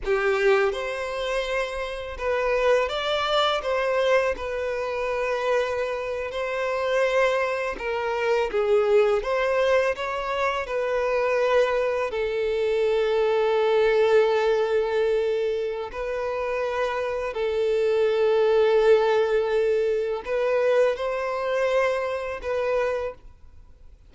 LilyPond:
\new Staff \with { instrumentName = "violin" } { \time 4/4 \tempo 4 = 83 g'4 c''2 b'4 | d''4 c''4 b'2~ | b'8. c''2 ais'4 gis'16~ | gis'8. c''4 cis''4 b'4~ b'16~ |
b'8. a'2.~ a'16~ | a'2 b'2 | a'1 | b'4 c''2 b'4 | }